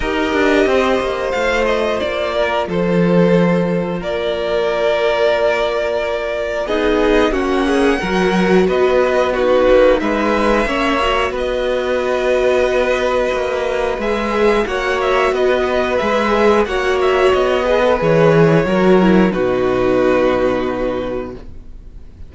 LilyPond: <<
  \new Staff \with { instrumentName = "violin" } { \time 4/4 \tempo 4 = 90 dis''2 f''8 dis''8 d''4 | c''2 d''2~ | d''2 dis''4 fis''4~ | fis''4 dis''4 b'4 e''4~ |
e''4 dis''2.~ | dis''4 e''4 fis''8 e''8 dis''4 | e''4 fis''8 e''8 dis''4 cis''4~ | cis''4 b'2. | }
  \new Staff \with { instrumentName = "violin" } { \time 4/4 ais'4 c''2~ c''8 ais'8 | a'2 ais'2~ | ais'2 gis'4 fis'8 gis'8 | ais'4 b'4 fis'4 b'4 |
cis''4 b'2.~ | b'2 cis''4 b'4~ | b'4 cis''4. b'4. | ais'4 fis'2. | }
  \new Staff \with { instrumentName = "viola" } { \time 4/4 g'2 f'2~ | f'1~ | f'2 dis'4 cis'4 | fis'2 dis'2 |
cis'8 fis'2.~ fis'8~ | fis'4 gis'4 fis'2 | gis'4 fis'4. gis'16 a'16 gis'4 | fis'8 e'8 dis'2. | }
  \new Staff \with { instrumentName = "cello" } { \time 4/4 dis'8 d'8 c'8 ais8 a4 ais4 | f2 ais2~ | ais2 b4 ais4 | fis4 b4. ais8 gis4 |
ais4 b2. | ais4 gis4 ais4 b4 | gis4 ais4 b4 e4 | fis4 b,2. | }
>>